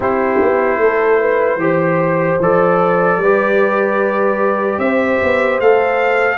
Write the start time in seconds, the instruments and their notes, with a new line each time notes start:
0.00 tuba C4, trombone E4, horn G4, trumpet C5
0.41 tuba B3
0.77 tuba A3, horn A4
1.20 horn B4
1.56 tuba E3, trombone G4, horn C5
2.39 tuba F3, trombone A4, trumpet D5
3.17 tuba G3, horn B4
3.23 trombone G4
4.78 tuba C4, horn C5, trumpet E5
5.23 tuba B3
5.60 tuba A3, trombone A4, trumpet F5